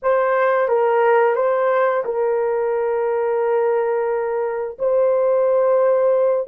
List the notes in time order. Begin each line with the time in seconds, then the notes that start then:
0.02 C5
0.68 A#4
1.35 C5
2.05 A#4
4.79 C5